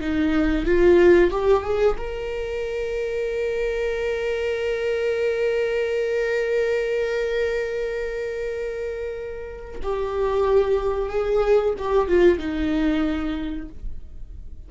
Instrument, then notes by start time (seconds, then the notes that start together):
viola
0.00 D#4
0.65 F4
1.30 G4
1.63 G#4
1.97 A#4
9.82 G4
11.09 G#4
11.78 G4
12.08 F4
12.38 D#4